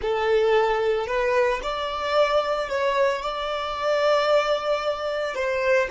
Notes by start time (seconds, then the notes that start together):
0.01 A4
1.06 B4
1.62 D5
2.68 C#5
3.22 D5
5.34 C5